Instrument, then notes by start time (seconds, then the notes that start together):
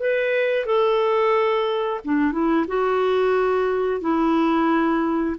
clarinet
0.00 B4
0.66 A4
2.05 D4
2.32 E4
2.68 F#4
4.01 E4